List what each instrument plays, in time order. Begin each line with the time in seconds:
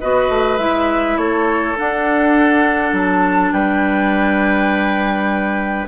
0.00 bassoon B3, clarinet F#4, oboe B4, flute D#5
0.30 bassoon A3
0.58 bassoon G#3, clarinet E4, flute E5
1.17 bassoon A3, oboe A4, flute C#5
1.77 clarinet D4, bassoon D4, flute F#5
2.93 bassoon F#3, flute A5
3.52 bassoon G3, oboe B4, flute G5